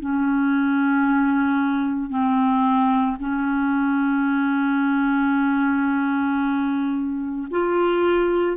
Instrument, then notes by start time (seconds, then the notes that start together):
clarinet
0.00 C#4
2.10 C4
3.20 C#4
7.51 F4